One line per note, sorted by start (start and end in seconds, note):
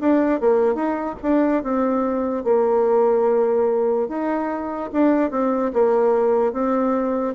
0.00 0.40 D4
0.40 0.74 A#3
0.74 1.15 D#4
1.22 1.63 D4
1.63 2.44 C4
2.44 4.08 A#3
4.08 4.90 D#4
4.92 5.31 D4
5.31 5.72 C4
5.73 6.53 A#3
6.53 7.34 C4